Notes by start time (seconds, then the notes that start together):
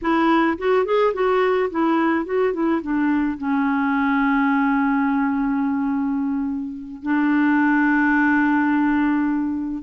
0.01 E4
0.58 F#4
0.85 G#4
1.13 F#4
1.70 E4
2.25 F#4
2.53 E4
2.81 D4
3.37 C#4
7.02 D4